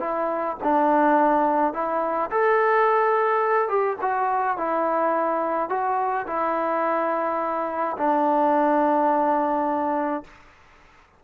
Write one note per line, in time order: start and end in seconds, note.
0.00 0.57 E4
0.63 1.74 D4
1.74 2.30 E4
2.31 3.68 A4
3.68 3.97 G4
4.02 4.57 F#4
4.57 5.69 E4
5.69 6.26 F#4
6.27 7.97 E4
7.97 10.24 D4